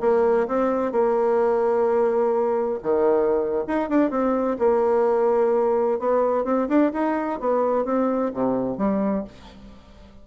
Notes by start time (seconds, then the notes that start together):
0.00 A#3
0.47 C4
0.91 A#3
2.83 D#3
3.67 D#4
3.89 D4
4.10 C4
4.59 A#3
5.99 B3
6.44 C4
6.68 D4
6.93 D#4
7.40 B3
7.84 C4
8.33 C3
8.77 G3